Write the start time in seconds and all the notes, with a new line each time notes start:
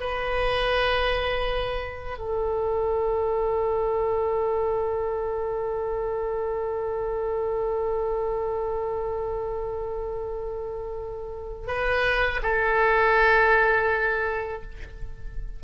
0.00 B4
2.18 A4
11.67 B4
12.42 A4